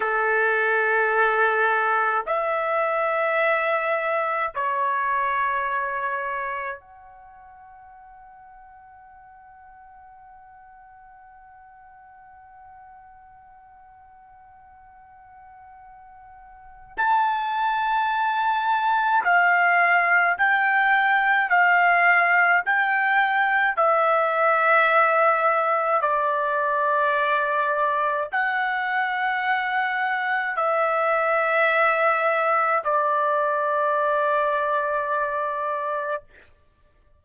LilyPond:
\new Staff \with { instrumentName = "trumpet" } { \time 4/4 \tempo 4 = 53 a'2 e''2 | cis''2 fis''2~ | fis''1~ | fis''2. a''4~ |
a''4 f''4 g''4 f''4 | g''4 e''2 d''4~ | d''4 fis''2 e''4~ | e''4 d''2. | }